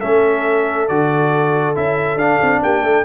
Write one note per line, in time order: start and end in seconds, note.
0.00 0.89 A3
0.00 0.90 C#4
0.00 2.63 A4
0.00 0.88 E5
0.88 1.77 D3
0.88 1.75 F#4
0.88 1.76 D5
1.75 2.16 C#4
1.75 2.19 E4
1.75 2.18 E5
2.16 2.38 D4
2.16 3.05 D4
2.16 2.62 F5
2.42 2.63 C4
2.63 2.83 A#3
2.63 2.83 G4
2.63 3.05 G5
2.83 3.05 A3
2.83 3.05 A4